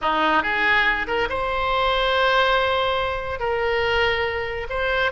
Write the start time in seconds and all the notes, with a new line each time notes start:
0.01 D#4
0.43 G#4
1.07 A#4
1.29 C5
3.39 A#4
4.69 C5